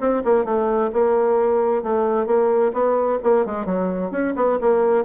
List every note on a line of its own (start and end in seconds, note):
0.00 0.23 C4
0.24 0.45 A#3
0.45 0.91 A3
0.93 1.83 A#3
1.83 2.26 A3
2.26 2.72 A#3
2.73 3.19 B3
3.23 3.46 A#3
3.46 3.65 G#3
3.65 4.11 F#3
4.11 4.34 C#4
4.36 4.59 B3
4.61 5.05 A#3